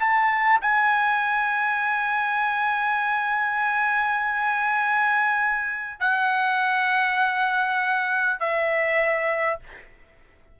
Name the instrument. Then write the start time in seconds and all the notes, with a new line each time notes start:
trumpet
0.00 A5
0.62 G#5
6.00 F#5
8.40 E5